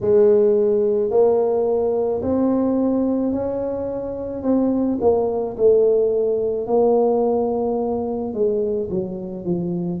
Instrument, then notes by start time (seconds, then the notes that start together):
tuba
0.01 G#3
1.10 A#3
2.22 C4
3.32 C#4
4.42 C4
5.01 A#3
5.56 A3
6.67 A#3
8.33 G#3
8.90 F#3
9.44 F3